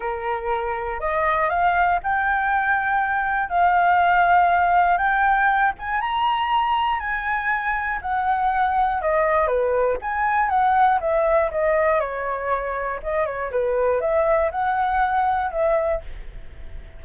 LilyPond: \new Staff \with { instrumentName = "flute" } { \time 4/4 \tempo 4 = 120 ais'2 dis''4 f''4 | g''2. f''4~ | f''2 g''4. gis''8 | ais''2 gis''2 |
fis''2 dis''4 b'4 | gis''4 fis''4 e''4 dis''4 | cis''2 dis''8 cis''8 b'4 | e''4 fis''2 e''4 | }